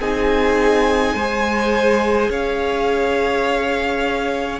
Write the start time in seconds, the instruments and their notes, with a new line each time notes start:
0.00 cello C4, viola D#4, violin G#4 G#5
1.14 cello G#3, viola G#4, violin C5
2.29 cello C#4, violin C#5 F5